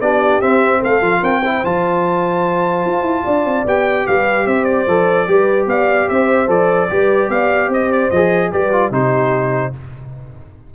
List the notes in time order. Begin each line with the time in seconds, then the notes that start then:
0.00 B3 D4 G4 D5
0.41 C4 E5
0.79 A3 A4 F5
1.01 F3 F4
1.21 C4 A#4 G5
1.41 E4 C5
1.64 F3 F4 A5
2.85 F4
3.02 E4
3.24 D4 D5
3.44 C4
3.65 B3 G4 G5
4.06 G3 B4 F5
4.46 C4 C5 E5
4.64 D5
4.87 F3 A4
5.27 G3 G4 B4
5.66 B3 D5 F5
6.09 C4 C5 E5
6.47 F3 A4 D5
6.89 G3 G4 B4
7.29 B3 D5 F5
7.68 C4 C5 D#5
7.92 D5
8.10 F3 G#4 D#5
8.52 G3 G4 B4 D5
8.72 F4
8.90 C3 D#4 G4 C5